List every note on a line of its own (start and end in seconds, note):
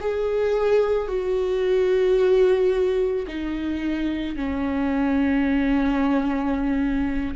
0.00 1.08 G#4
1.08 3.26 F#4
3.27 4.36 D#4
4.36 7.35 C#4